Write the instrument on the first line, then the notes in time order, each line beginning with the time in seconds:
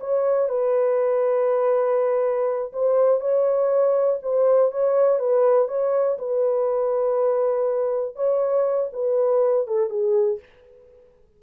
horn
0.00 C#5
0.49 B4
2.73 C5
3.20 C#5
4.22 C5
4.72 C#5
5.19 B4
5.68 C#5
6.18 B4
8.15 C#5
8.93 B4
9.67 A4
9.89 G#4